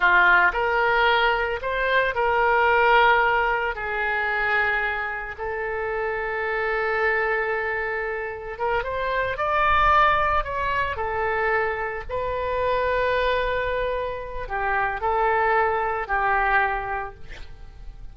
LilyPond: \new Staff \with { instrumentName = "oboe" } { \time 4/4 \tempo 4 = 112 f'4 ais'2 c''4 | ais'2. gis'4~ | gis'2 a'2~ | a'1 |
ais'8 c''4 d''2 cis''8~ | cis''8 a'2 b'4.~ | b'2. g'4 | a'2 g'2 | }